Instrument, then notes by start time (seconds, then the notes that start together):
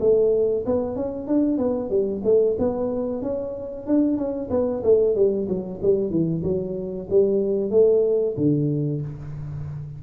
tuba
0.00 A3
0.66 B3
0.96 C#4
1.28 D4
1.58 B3
1.90 G3
2.24 A3
2.59 B3
3.22 C#4
3.87 D4
4.17 C#4
4.50 B3
4.84 A3
5.16 G3
5.48 F#3
5.82 G3
6.10 E3
6.44 F#3
7.10 G3
7.71 A3
8.37 D3